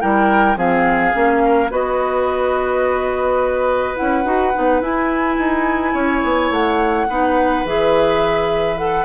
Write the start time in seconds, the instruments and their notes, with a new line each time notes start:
0.00 bassoon G3, clarinet E4, oboe A#4, flute G5
0.56 bassoon F3, clarinet C4, oboe G#4, flute F5
1.12 bassoon A#3, clarinet C#4
1.45 oboe A#4
1.70 bassoon B3, clarinet F#4, oboe B4, flute D#5
3.96 bassoon C#4, clarinet E4, flute F#5
4.25 bassoon D#4, clarinet F#4
4.53 bassoon B3, clarinet D#4
4.81 bassoon E4, clarinet E4, flute G#5
5.37 bassoon D#4
5.93 bassoon C#4, oboe C#5
6.24 bassoon B3
6.50 bassoon A3, flute F#5
7.09 bassoon B3, clarinet D#4, oboe B4
7.64 bassoon E3, clarinet G#4, flute E5
8.77 clarinet A4, flute F#5